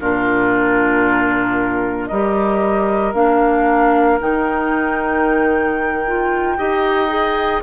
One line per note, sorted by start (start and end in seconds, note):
0.00 2.11 A#2
0.00 2.12 D4
0.00 2.09 F4
0.00 2.07 A#4
2.07 3.14 G3
2.07 3.14 G4
2.07 6.56 A#4
2.07 3.12 D#5
3.14 4.19 A#3
3.14 4.20 D4
3.14 4.19 F5
4.20 6.58 D#3
4.20 6.04 D#4
4.20 7.63 G5
6.06 6.58 F4
6.57 7.63 D#4
6.57 7.09 G4
6.57 7.63 D#5
7.09 7.61 G#4